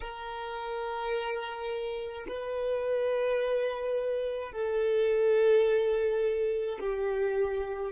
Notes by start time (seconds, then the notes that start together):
0.00 A#4
2.27 B4
4.52 A4
6.79 G4